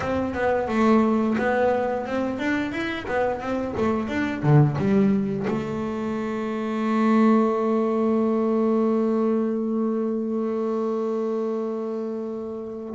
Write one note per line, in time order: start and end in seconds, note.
0.00 0.34 C4
0.34 0.68 B3
0.68 1.36 A3
1.38 2.05 B3
2.05 2.39 C4
2.39 2.71 D4
2.71 3.06 E4
3.07 3.40 B3
3.40 3.74 C4
3.77 4.08 A3
4.08 4.42 D4
4.43 4.77 D3
4.77 5.45 G3
5.47 12.95 A3